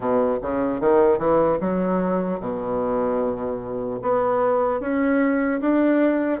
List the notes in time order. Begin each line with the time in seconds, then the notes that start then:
0.00 B2
0.41 C#3
0.80 D#3
1.18 E3
1.60 F#3
2.40 B2
4.02 B3
4.80 C#4
5.60 D4